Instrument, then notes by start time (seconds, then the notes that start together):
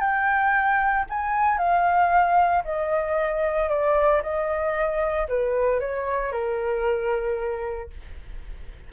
flute
0.00 G5
1.09 G#5
1.58 F5
2.64 D#5
3.69 D5
4.22 D#5
5.28 B4
5.80 C#5
6.32 A#4